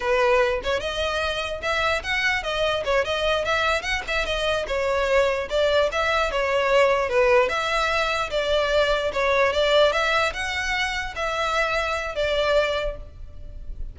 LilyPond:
\new Staff \with { instrumentName = "violin" } { \time 4/4 \tempo 4 = 148 b'4. cis''8 dis''2 | e''4 fis''4 dis''4 cis''8 dis''8~ | dis''8 e''4 fis''8 e''8 dis''4 cis''8~ | cis''4. d''4 e''4 cis''8~ |
cis''4. b'4 e''4.~ | e''8 d''2 cis''4 d''8~ | d''8 e''4 fis''2 e''8~ | e''2 d''2 | }